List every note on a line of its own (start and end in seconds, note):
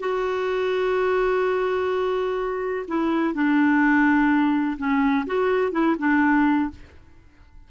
0.00 2.86 F#4
2.88 3.34 E4
3.34 4.77 D4
4.78 5.26 C#4
5.26 5.72 F#4
5.72 5.96 E4
5.99 6.70 D4